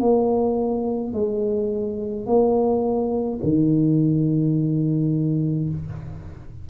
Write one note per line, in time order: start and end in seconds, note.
0.00 1.13 A#3
1.13 2.26 G#3
2.26 3.40 A#3
3.43 5.70 D#3